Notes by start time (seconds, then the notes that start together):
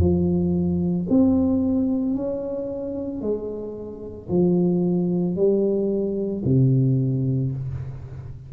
0.00 F3
1.10 C4
2.16 C#4
3.21 G#3
4.29 F3
5.36 G3
6.45 C3